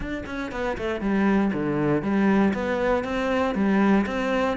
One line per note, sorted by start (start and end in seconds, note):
0.00 0.24 D4
0.26 0.51 C#4
0.51 0.77 B3
0.77 1.00 A3
1.00 1.51 G3
1.53 2.02 D3
2.02 2.53 G3
2.53 3.04 B3
3.04 3.55 C4
3.55 4.05 G3
4.06 4.57 C4